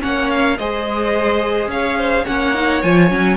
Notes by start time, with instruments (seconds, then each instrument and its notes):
0.00 cello A#3, viola C#4, violin C#5 F#5
0.30 violin F5
0.57 cello G#3, viola G#4, violin C5 D#5
1.67 cello C#4, violin F5
1.73 violin C#5
1.98 violin C5
2.24 cello A#3, viola C#4, violin C#5 F#5
2.54 viola D#4
2.82 cello F3, viola F4, violin G#5
3.09 cello F#3, viola C#4